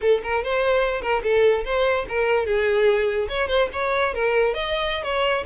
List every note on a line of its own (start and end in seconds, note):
0.01 0.21 A4
0.23 0.43 A#4
0.43 1.01 C5
1.01 1.22 A#4
1.23 1.64 A4
1.64 2.05 C5
2.08 2.46 A#4
2.46 3.28 G#4
3.29 3.48 C#5
3.48 3.68 C5
3.72 4.14 C#5
4.14 4.54 A#4
4.54 5.03 D#5
5.03 5.44 C#5